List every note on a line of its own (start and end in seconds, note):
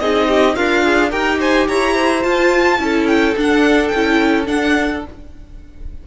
0.00 0.57 C4
0.00 0.57 D#4
0.00 0.29 G#4
0.00 0.56 D#5
0.29 0.56 G4
0.56 1.13 D4
0.56 1.10 F4
0.56 0.84 A#4
0.56 1.12 F5
0.84 1.11 G#4
1.10 1.69 D#4
1.10 2.23 G4
1.10 1.38 A#4
1.10 1.40 G5
1.40 1.68 C5
1.40 1.68 G#5
1.68 2.25 E4
1.68 1.95 C#5
1.68 2.24 A#5
1.95 2.79 C5
2.23 2.79 F4
2.23 2.80 F4
2.23 3.07 A5
2.79 3.36 C#4
2.79 3.35 E4
2.79 5.08 A4
3.07 3.35 G5
3.37 3.93 D4
3.37 3.94 D4
3.37 3.88 F#5
3.88 4.48 C#4
3.88 4.45 G5
3.96 4.46 E4
4.46 5.02 D4
4.46 5.04 D4
4.46 5.04 F#5